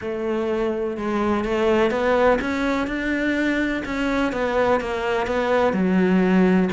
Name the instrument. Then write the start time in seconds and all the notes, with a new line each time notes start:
cello
0.01 A3
0.97 G#3
1.44 A3
1.90 B3
2.41 C#4
2.87 D4
3.85 C#4
4.32 B3
4.80 A#3
5.26 B3
5.73 F#3